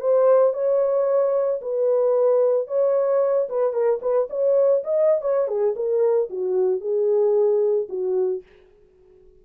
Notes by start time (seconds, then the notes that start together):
0.00 C5
0.53 C#5
1.61 B4
2.67 C#5
3.48 B4
3.73 A#4
4.01 B4
4.29 C#5
4.84 D#5
5.21 C#5
5.47 G#4
5.75 A#4
6.29 F#4
6.80 G#4
7.88 F#4